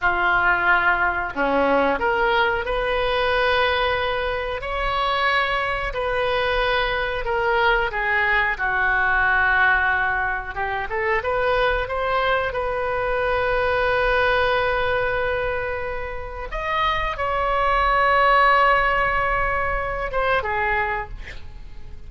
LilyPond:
\new Staff \with { instrumentName = "oboe" } { \time 4/4 \tempo 4 = 91 f'2 cis'4 ais'4 | b'2. cis''4~ | cis''4 b'2 ais'4 | gis'4 fis'2. |
g'8 a'8 b'4 c''4 b'4~ | b'1~ | b'4 dis''4 cis''2~ | cis''2~ cis''8 c''8 gis'4 | }